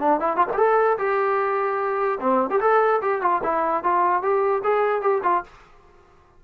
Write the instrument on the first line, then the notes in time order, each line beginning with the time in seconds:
trombone
0.00 D4
0.20 E4
0.37 F4
0.54 G4 A4
0.98 G4
2.21 C4
2.50 G4
2.61 A4
3.02 G4
3.22 F4
3.43 E4
3.84 F4
4.22 G4
4.64 G#4
5.02 G4
5.24 F4